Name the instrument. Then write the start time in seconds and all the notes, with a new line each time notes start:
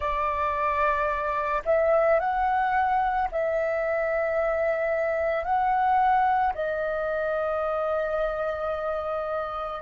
flute
0.00 D5
1.65 E5
2.19 F#5
3.31 E5
5.44 F#5
6.54 D#5